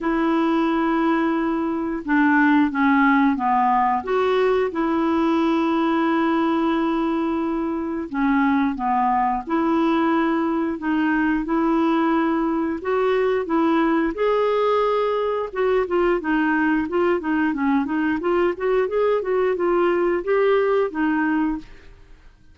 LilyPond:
\new Staff \with { instrumentName = "clarinet" } { \time 4/4 \tempo 4 = 89 e'2. d'4 | cis'4 b4 fis'4 e'4~ | e'1 | cis'4 b4 e'2 |
dis'4 e'2 fis'4 | e'4 gis'2 fis'8 f'8 | dis'4 f'8 dis'8 cis'8 dis'8 f'8 fis'8 | gis'8 fis'8 f'4 g'4 dis'4 | }